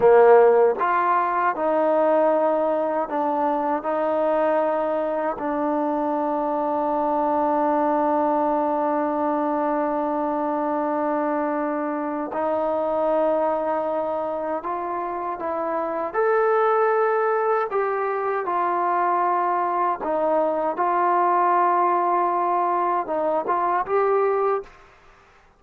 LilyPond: \new Staff \with { instrumentName = "trombone" } { \time 4/4 \tempo 4 = 78 ais4 f'4 dis'2 | d'4 dis'2 d'4~ | d'1~ | d'1 |
dis'2. f'4 | e'4 a'2 g'4 | f'2 dis'4 f'4~ | f'2 dis'8 f'8 g'4 | }